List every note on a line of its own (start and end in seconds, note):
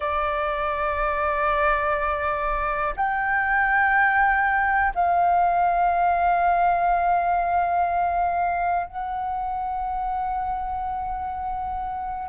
0.00 2.94 D5
2.96 4.93 G5
4.94 8.86 F5
8.86 12.28 F#5